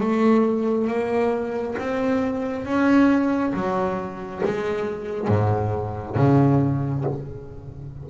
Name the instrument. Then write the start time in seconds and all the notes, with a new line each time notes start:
double bass
0.00 A3
0.87 A#3
1.78 C4
2.65 C#4
3.53 F#3
4.44 G#3
5.27 G#2
6.16 C#3